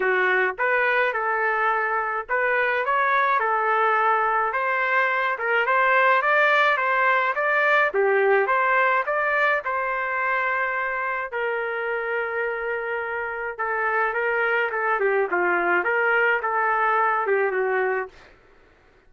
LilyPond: \new Staff \with { instrumentName = "trumpet" } { \time 4/4 \tempo 4 = 106 fis'4 b'4 a'2 | b'4 cis''4 a'2 | c''4. ais'8 c''4 d''4 | c''4 d''4 g'4 c''4 |
d''4 c''2. | ais'1 | a'4 ais'4 a'8 g'8 f'4 | ais'4 a'4. g'8 fis'4 | }